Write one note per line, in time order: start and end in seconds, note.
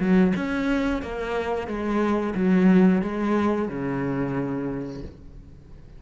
0.00 0.33 F#3
0.36 1.02 C#4
1.02 1.68 A#3
1.68 2.34 G#3
2.35 3.02 F#3
3.02 3.69 G#3
3.69 5.02 C#3